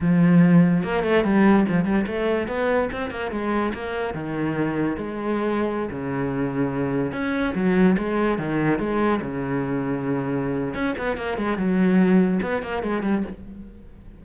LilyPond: \new Staff \with { instrumentName = "cello" } { \time 4/4 \tempo 4 = 145 f2 ais8 a8 g4 | f8 g8 a4 b4 c'8 ais8 | gis4 ais4 dis2 | gis2~ gis16 cis4.~ cis16~ |
cis4~ cis16 cis'4 fis4 gis8.~ | gis16 dis4 gis4 cis4.~ cis16~ | cis2 cis'8 b8 ais8 gis8 | fis2 b8 ais8 gis8 g8 | }